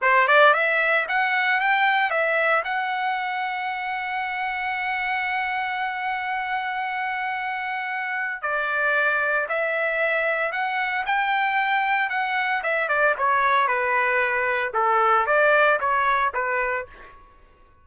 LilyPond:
\new Staff \with { instrumentName = "trumpet" } { \time 4/4 \tempo 4 = 114 c''8 d''8 e''4 fis''4 g''4 | e''4 fis''2.~ | fis''1~ | fis''1 |
d''2 e''2 | fis''4 g''2 fis''4 | e''8 d''8 cis''4 b'2 | a'4 d''4 cis''4 b'4 | }